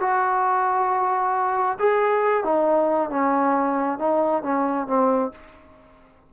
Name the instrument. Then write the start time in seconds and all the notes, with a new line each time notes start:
trombone
0.00 F#4
1.79 G#4
2.44 D#4
3.10 C#4
3.98 D#4
4.43 C#4
4.87 C4